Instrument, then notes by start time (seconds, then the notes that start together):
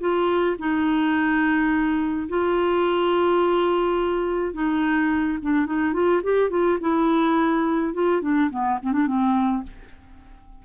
clarinet
0.00 F4
0.59 D#4
2.29 F4
4.54 D#4
5.42 D4
5.66 D#4
5.93 F4
6.23 G4
6.50 F4
6.81 E4
7.94 F4
8.22 D4
8.51 B3
8.82 C4
8.93 D4
9.07 C4